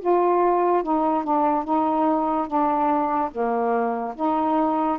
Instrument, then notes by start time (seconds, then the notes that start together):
saxophone
0.00 F4
0.83 D#4
1.23 D4
1.64 D#4
2.47 D4
3.31 A#3
4.15 D#4